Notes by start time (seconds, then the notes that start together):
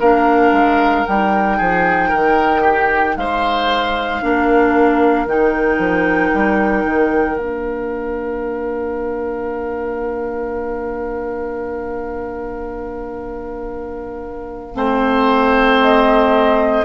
0.00 A#3 D4 A#4 F5
0.52 G#3
1.06 G3 D#4 G5
1.58 F3 G#4
2.09 D#3 A#4
2.62 G4
3.17 G#3 C5 F5
4.22 A#3 D4 A#4
5.27 D#3 D#4 G5
5.79 F3
6.34 G3
6.85 D#3
7.37 A#3 D4 F5
14.74 A3 C4 C5
15.81 D#5